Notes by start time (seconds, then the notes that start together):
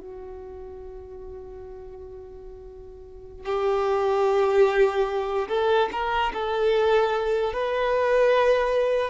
0.00 F#4
3.45 G4
5.48 A4
5.92 A#4
6.33 A4
7.53 B4